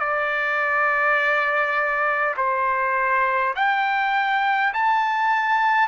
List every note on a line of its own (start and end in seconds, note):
0.00 2.35 D5
2.37 3.55 C5
3.56 4.73 G5
4.74 5.88 A5